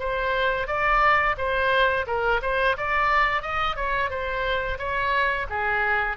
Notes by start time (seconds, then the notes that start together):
0.00 C5
0.68 D5
1.38 C5
2.07 A#4
2.42 C5
2.78 D5
3.42 D#5
3.76 C#5
4.10 C5
4.79 C#5
5.50 G#4